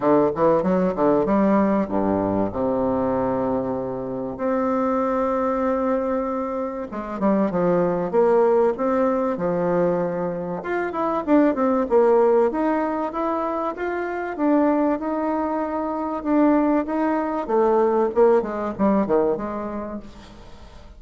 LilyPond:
\new Staff \with { instrumentName = "bassoon" } { \time 4/4 \tempo 4 = 96 d8 e8 fis8 d8 g4 g,4 | c2. c'4~ | c'2. gis8 g8 | f4 ais4 c'4 f4~ |
f4 f'8 e'8 d'8 c'8 ais4 | dis'4 e'4 f'4 d'4 | dis'2 d'4 dis'4 | a4 ais8 gis8 g8 dis8 gis4 | }